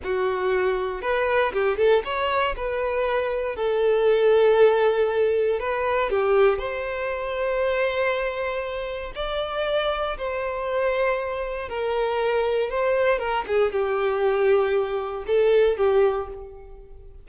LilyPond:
\new Staff \with { instrumentName = "violin" } { \time 4/4 \tempo 4 = 118 fis'2 b'4 g'8 a'8 | cis''4 b'2 a'4~ | a'2. b'4 | g'4 c''2.~ |
c''2 d''2 | c''2. ais'4~ | ais'4 c''4 ais'8 gis'8 g'4~ | g'2 a'4 g'4 | }